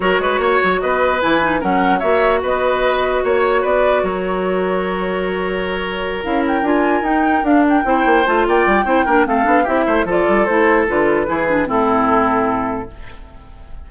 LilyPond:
<<
  \new Staff \with { instrumentName = "flute" } { \time 4/4 \tempo 4 = 149 cis''2 dis''4 gis''4 | fis''4 e''4 dis''2 | cis''4 d''4 cis''2~ | cis''2.~ cis''8 f''8 |
g''8 gis''4 g''4 f''8 g''4~ | g''8 a''8 g''2 f''4 | e''4 d''4 c''4 b'4~ | b'4 a'2. | }
  \new Staff \with { instrumentName = "oboe" } { \time 4/4 ais'8 b'8 cis''4 b'2 | ais'4 cis''4 b'2 | cis''4 b'4 ais'2~ | ais'1~ |
ais'2.~ ais'8 c''8~ | c''4 d''4 c''8 ais'8 a'4 | g'8 c''8 a'2. | gis'4 e'2. | }
  \new Staff \with { instrumentName = "clarinet" } { \time 4/4 fis'2. e'8 dis'8 | cis'4 fis'2.~ | fis'1~ | fis'2.~ fis'8 e'8~ |
e'8 f'4 dis'4 d'4 e'8~ | e'8 f'4. e'8 d'8 c'8 d'8 | e'4 f'4 e'4 f'4 | e'8 d'8 c'2. | }
  \new Staff \with { instrumentName = "bassoon" } { \time 4/4 fis8 gis8 ais8 fis8 b4 e4 | fis4 ais4 b2 | ais4 b4 fis2~ | fis2.~ fis8 cis'8~ |
cis'8 d'4 dis'4 d'4 c'8 | ais8 a8 ais8 g8 c'8 ais8 a8 b8 | c'8 a8 f8 g8 a4 d4 | e4 a,2. | }
>>